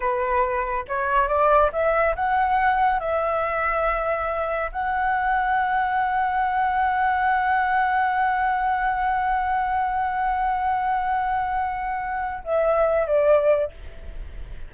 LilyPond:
\new Staff \with { instrumentName = "flute" } { \time 4/4 \tempo 4 = 140 b'2 cis''4 d''4 | e''4 fis''2 e''4~ | e''2. fis''4~ | fis''1~ |
fis''1~ | fis''1~ | fis''1~ | fis''4 e''4. d''4. | }